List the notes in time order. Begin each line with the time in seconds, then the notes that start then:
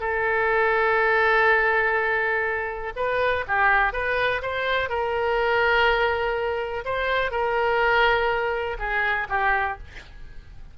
0.00 A4
2.96 B4
3.48 G4
3.93 B4
4.42 C5
4.89 A#4
6.85 C5
7.31 A#4
8.79 G#4
9.29 G4